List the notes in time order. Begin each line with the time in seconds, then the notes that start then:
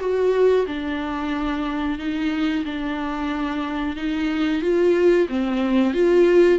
0.00 F#4
0.67 D4
1.99 D#4
2.65 D4
3.97 D#4
4.62 F4
5.29 C4
5.94 F4